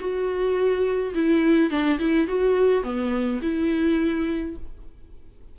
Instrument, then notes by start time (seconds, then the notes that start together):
viola
0.00 F#4
1.15 E4
1.71 D4
2.00 E4
2.28 F#4
2.84 B3
3.43 E4